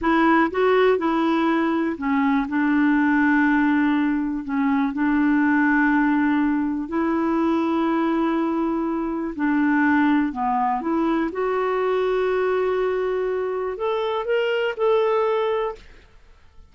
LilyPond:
\new Staff \with { instrumentName = "clarinet" } { \time 4/4 \tempo 4 = 122 e'4 fis'4 e'2 | cis'4 d'2.~ | d'4 cis'4 d'2~ | d'2 e'2~ |
e'2. d'4~ | d'4 b4 e'4 fis'4~ | fis'1 | a'4 ais'4 a'2 | }